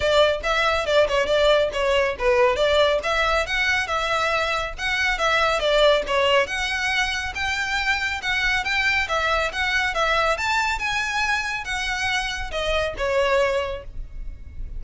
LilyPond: \new Staff \with { instrumentName = "violin" } { \time 4/4 \tempo 4 = 139 d''4 e''4 d''8 cis''8 d''4 | cis''4 b'4 d''4 e''4 | fis''4 e''2 fis''4 | e''4 d''4 cis''4 fis''4~ |
fis''4 g''2 fis''4 | g''4 e''4 fis''4 e''4 | a''4 gis''2 fis''4~ | fis''4 dis''4 cis''2 | }